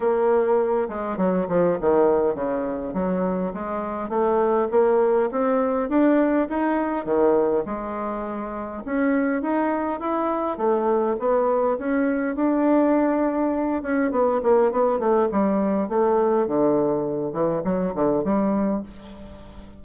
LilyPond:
\new Staff \with { instrumentName = "bassoon" } { \time 4/4 \tempo 4 = 102 ais4. gis8 fis8 f8 dis4 | cis4 fis4 gis4 a4 | ais4 c'4 d'4 dis'4 | dis4 gis2 cis'4 |
dis'4 e'4 a4 b4 | cis'4 d'2~ d'8 cis'8 | b8 ais8 b8 a8 g4 a4 | d4. e8 fis8 d8 g4 | }